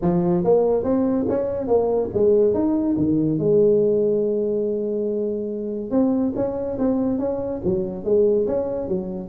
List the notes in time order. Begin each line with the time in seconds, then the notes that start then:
0.01 F3
0.44 A#3
0.83 C4
1.28 C#4
1.67 A#3
2.13 G#3
2.54 D#4
2.96 D#3
3.38 G#3
5.90 C4
6.35 C#4
6.78 C4
7.19 C#4
7.64 F#3
8.04 G#3
8.46 C#4
8.88 F#3